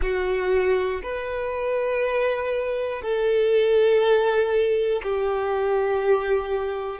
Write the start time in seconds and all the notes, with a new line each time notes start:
0.01 F#4
1.03 B4
3.02 A4
5.03 G4